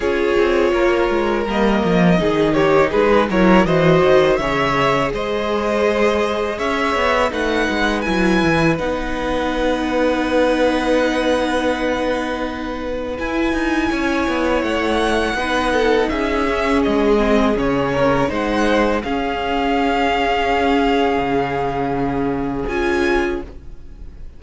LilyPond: <<
  \new Staff \with { instrumentName = "violin" } { \time 4/4 \tempo 4 = 82 cis''2 dis''4. cis''8 | b'8 cis''8 dis''4 e''4 dis''4~ | dis''4 e''4 fis''4 gis''4 | fis''1~ |
fis''2 gis''2 | fis''2 e''4 dis''4 | cis''4 fis''4 f''2~ | f''2. gis''4 | }
  \new Staff \with { instrumentName = "violin" } { \time 4/4 gis'4 ais'2 gis'8 g'8 | gis'8 ais'8 c''4 cis''4 c''4~ | c''4 cis''4 b'2~ | b'1~ |
b'2. cis''4~ | cis''4 b'8 a'8 gis'2~ | gis'8 ais'8 c''4 gis'2~ | gis'1 | }
  \new Staff \with { instrumentName = "viola" } { \time 4/4 f'2 ais4 dis'4~ | dis'8 e'8 fis'4 gis'2~ | gis'2 dis'4 e'4 | dis'1~ |
dis'2 e'2~ | e'4 dis'4. cis'4 c'8 | cis'4 dis'4 cis'2~ | cis'2. f'4 | }
  \new Staff \with { instrumentName = "cello" } { \time 4/4 cis'8 c'8 ais8 gis8 g8 f8 dis4 | gis8 fis8 e8 dis8 cis4 gis4~ | gis4 cis'8 b8 a8 gis8 fis8 e8 | b1~ |
b2 e'8 dis'8 cis'8 b8 | a4 b4 cis'4 gis4 | cis4 gis4 cis'2~ | cis'4 cis2 cis'4 | }
>>